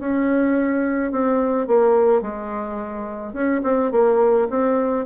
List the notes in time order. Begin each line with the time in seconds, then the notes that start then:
0.00 C#4
1.12 C4
1.67 A#3
2.22 G#3
3.33 C#4
3.64 C4
3.92 A#3
4.50 C4